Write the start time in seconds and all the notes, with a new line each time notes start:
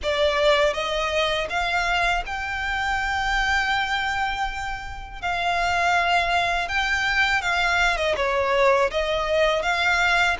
0.02 D5
0.73 D#5
1.49 F5
2.26 G5
5.21 F5
6.68 G5
7.41 F5
7.96 D#5
8.16 C#5
8.91 D#5
9.62 F5